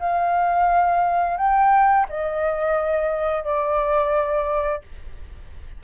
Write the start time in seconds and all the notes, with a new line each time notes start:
0.00 F5
1.38 G5
2.10 D#5
3.45 D5